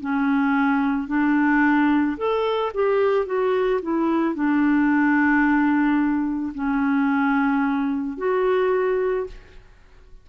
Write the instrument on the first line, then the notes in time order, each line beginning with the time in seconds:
clarinet
0.00 C#4
1.08 D4
2.17 A4
2.74 G4
3.26 F#4
3.82 E4
4.35 D4
6.55 C#4
8.18 F#4